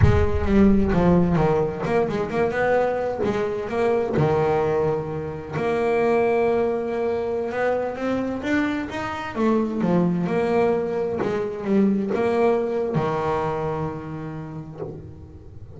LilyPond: \new Staff \with { instrumentName = "double bass" } { \time 4/4 \tempo 4 = 130 gis4 g4 f4 dis4 | ais8 gis8 ais8 b4. gis4 | ais4 dis2. | ais1~ |
ais16 b4 c'4 d'4 dis'8.~ | dis'16 a4 f4 ais4.~ ais16~ | ais16 gis4 g4 ais4.~ ais16 | dis1 | }